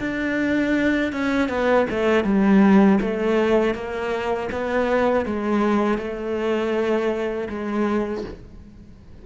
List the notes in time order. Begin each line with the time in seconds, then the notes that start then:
0.00 D4
1.12 C#4
1.49 B3
1.90 A3
2.24 G3
3.01 A3
3.75 A#3
4.52 B3
5.26 G#3
5.98 A3
7.50 G#3